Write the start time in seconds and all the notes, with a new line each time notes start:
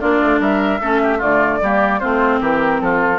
0.00 A#3 D4 F4 D5
0.22 A3
0.40 G3 A#4 E5
0.81 A3 C#4 A4
1.03 G4
1.18 D3 A3 F4 D5
1.61 G3 A#3 G4
2.00 A3 C4 F4 C5
2.41 E3 G4 A#4
2.81 F3 F4 A4